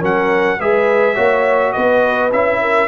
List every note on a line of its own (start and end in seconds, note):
0.00 0.60 F#3
0.00 0.58 C#4
0.00 0.58 A#4
0.00 0.61 F#5
0.60 1.17 G#3
0.60 1.16 G#4
0.60 1.15 B4
0.60 1.73 E5
1.15 1.76 A#3
1.15 2.31 F#4
1.15 1.73 C#5
1.73 2.33 B3
1.73 2.61 B4
1.73 2.31 D#5
2.33 2.88 C#4
2.33 2.88 E4
2.33 2.88 E5
2.62 2.88 A#4